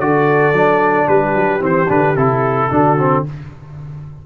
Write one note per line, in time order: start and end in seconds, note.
0.00 0.53 D3
0.00 0.54 F#4
0.00 1.08 A4
0.00 1.08 D5
0.53 1.07 F#3
0.53 1.60 D4
1.08 1.34 G3
1.08 2.70 G4
1.08 1.62 B4
1.34 1.60 F#3
1.60 1.87 E3
1.60 1.87 C4
1.60 1.90 C5
1.88 2.16 D3
1.88 2.15 D4
1.88 2.16 B4
2.16 2.70 C3
2.16 2.71 E4
2.16 3.24 A4
2.71 3.25 D3
2.71 2.98 D4
2.71 3.25 F#4
2.99 3.26 C4